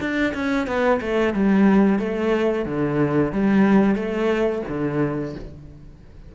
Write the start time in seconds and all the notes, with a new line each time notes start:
0.00 D4
0.34 C#4
0.67 B3
1.01 A3
1.34 G3
1.99 A3
2.65 D3
3.32 G3
3.95 A3
4.68 D3